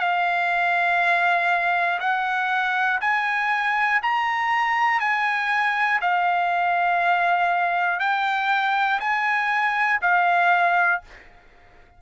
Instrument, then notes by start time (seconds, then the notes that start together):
trumpet
0.00 F5
2.00 F#5
3.01 G#5
4.03 A#5
5.01 G#5
6.02 F5
8.00 G5
9.00 G#5
10.02 F5